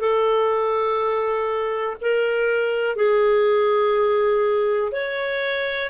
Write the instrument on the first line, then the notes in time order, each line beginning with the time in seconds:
clarinet
0.00 A4
2.01 A#4
2.96 G#4
4.92 C#5